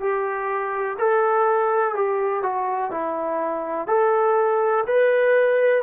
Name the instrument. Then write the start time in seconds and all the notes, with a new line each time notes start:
trombone
0.00 G4
0.98 A4
1.94 G4
2.42 F#4
2.91 E4
3.87 A4
4.87 B4